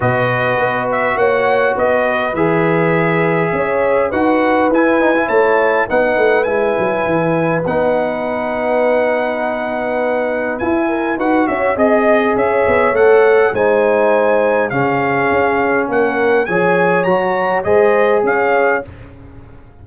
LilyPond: <<
  \new Staff \with { instrumentName = "trumpet" } { \time 4/4 \tempo 4 = 102 dis''4. e''8 fis''4 dis''4 | e''2. fis''4 | gis''4 a''4 fis''4 gis''4~ | gis''4 fis''2.~ |
fis''2 gis''4 fis''8 e''8 | dis''4 e''4 fis''4 gis''4~ | gis''4 f''2 fis''4 | gis''4 ais''4 dis''4 f''4 | }
  \new Staff \with { instrumentName = "horn" } { \time 4/4 b'2 cis''4 b'4~ | b'2 cis''4 b'4~ | b'4 cis''4 b'2~ | b'1~ |
b'2~ b'8 ais'8 b'8 cis''8 | dis''4 cis''2 c''4~ | c''4 gis'2 ais'4 | cis''2 c''4 cis''4 | }
  \new Staff \with { instrumentName = "trombone" } { \time 4/4 fis'1 | gis'2. fis'4 | e'8 dis'16 e'4~ e'16 dis'4 e'4~ | e'4 dis'2.~ |
dis'2 e'4 fis'4 | gis'2 a'4 dis'4~ | dis'4 cis'2. | gis'4 fis'4 gis'2 | }
  \new Staff \with { instrumentName = "tuba" } { \time 4/4 b,4 b4 ais4 b4 | e2 cis'4 dis'4 | e'4 a4 b8 a8 gis8 fis8 | e4 b2.~ |
b2 e'4 dis'8 cis'8 | c'4 cis'8 b8 a4 gis4~ | gis4 cis4 cis'4 ais4 | f4 fis4 gis4 cis'4 | }
>>